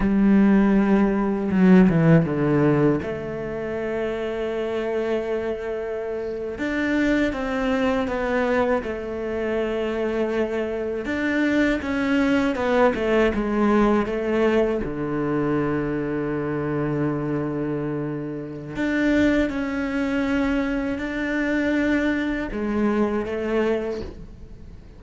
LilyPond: \new Staff \with { instrumentName = "cello" } { \time 4/4 \tempo 4 = 80 g2 fis8 e8 d4 | a1~ | a8. d'4 c'4 b4 a16~ | a2~ a8. d'4 cis'16~ |
cis'8. b8 a8 gis4 a4 d16~ | d1~ | d4 d'4 cis'2 | d'2 gis4 a4 | }